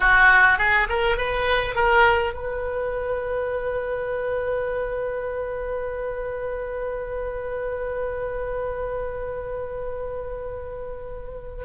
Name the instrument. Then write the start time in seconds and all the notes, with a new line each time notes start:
oboe
0.00 F#4
0.58 G#4
0.89 A#4
1.17 B4
1.75 A#4
2.33 B4